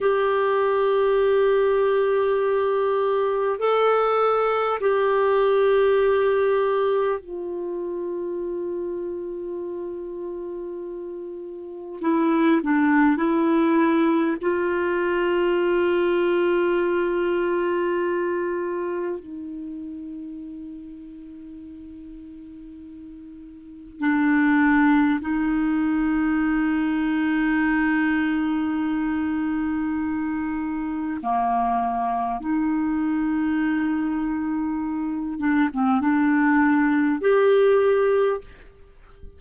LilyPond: \new Staff \with { instrumentName = "clarinet" } { \time 4/4 \tempo 4 = 50 g'2. a'4 | g'2 f'2~ | f'2 e'8 d'8 e'4 | f'1 |
dis'1 | d'4 dis'2.~ | dis'2 ais4 dis'4~ | dis'4. d'16 c'16 d'4 g'4 | }